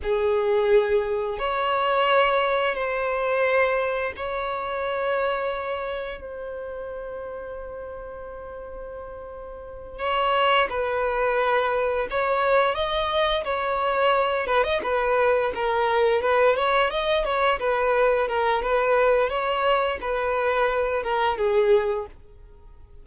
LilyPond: \new Staff \with { instrumentName = "violin" } { \time 4/4 \tempo 4 = 87 gis'2 cis''2 | c''2 cis''2~ | cis''4 c''2.~ | c''2~ c''8 cis''4 b'8~ |
b'4. cis''4 dis''4 cis''8~ | cis''4 b'16 dis''16 b'4 ais'4 b'8 | cis''8 dis''8 cis''8 b'4 ais'8 b'4 | cis''4 b'4. ais'8 gis'4 | }